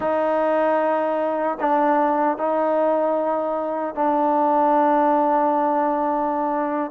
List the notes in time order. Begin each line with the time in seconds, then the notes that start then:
0.00 D#4
1.60 D4
2.37 D#4
3.95 D4